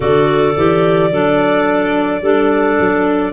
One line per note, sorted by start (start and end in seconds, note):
0.00 0.56 D3
0.00 0.53 F#4
0.00 1.11 A4
0.00 3.32 D5
0.56 1.11 E3
0.56 1.10 G4
1.10 2.21 F#3
1.10 2.21 D4
1.10 2.22 A4
2.21 2.77 G3
2.21 3.32 D4
2.21 3.32 A4
2.79 3.32 F#3